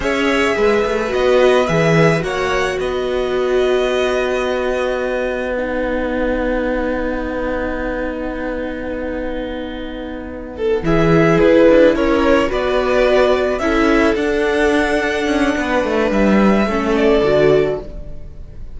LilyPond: <<
  \new Staff \with { instrumentName = "violin" } { \time 4/4 \tempo 4 = 108 e''2 dis''4 e''4 | fis''4 dis''2.~ | dis''2 fis''2~ | fis''1~ |
fis''2.~ fis''8 e''8~ | e''8 b'4 cis''4 d''4.~ | d''8 e''4 fis''2~ fis''8~ | fis''4 e''4. d''4. | }
  \new Staff \with { instrumentName = "violin" } { \time 4/4 cis''4 b'2. | cis''4 b'2.~ | b'1~ | b'1~ |
b'2. a'8 gis'8~ | gis'4. ais'4 b'4.~ | b'8 a'2.~ a'8 | b'2 a'2 | }
  \new Staff \with { instrumentName = "viola" } { \time 4/4 gis'2 fis'4 gis'4 | fis'1~ | fis'2 dis'2~ | dis'1~ |
dis'2.~ dis'8 e'8~ | e'2~ e'8 fis'4.~ | fis'8 e'4 d'2~ d'8~ | d'2 cis'4 fis'4 | }
  \new Staff \with { instrumentName = "cello" } { \time 4/4 cis'4 gis8 a8 b4 e4 | ais4 b2.~ | b1~ | b1~ |
b2.~ b8 e8~ | e8 e'8 d'8 cis'4 b4.~ | b8 cis'4 d'2 cis'8 | b8 a8 g4 a4 d4 | }
>>